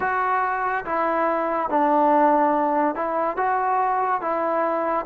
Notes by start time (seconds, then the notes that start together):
0.00 F#4
0.85 E4
1.69 D4
2.95 E4
3.36 F#4
4.21 E4